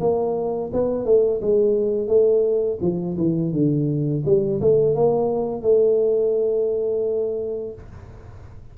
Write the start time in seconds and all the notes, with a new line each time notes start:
0.00 A#3
0.73 B3
1.05 A3
1.41 G#3
2.08 A3
2.81 F3
3.17 E3
3.52 D3
4.25 G3
4.61 A3
4.95 A#3
5.62 A3